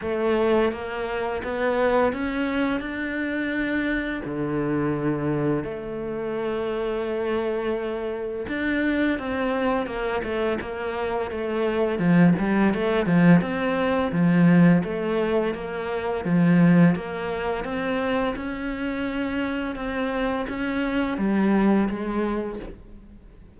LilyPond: \new Staff \with { instrumentName = "cello" } { \time 4/4 \tempo 4 = 85 a4 ais4 b4 cis'4 | d'2 d2 | a1 | d'4 c'4 ais8 a8 ais4 |
a4 f8 g8 a8 f8 c'4 | f4 a4 ais4 f4 | ais4 c'4 cis'2 | c'4 cis'4 g4 gis4 | }